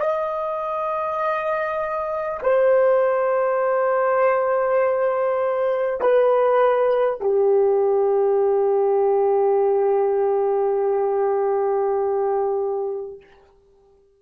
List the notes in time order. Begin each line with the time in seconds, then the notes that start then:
0.00 D#5
2.43 C5
6.01 B4
7.21 G4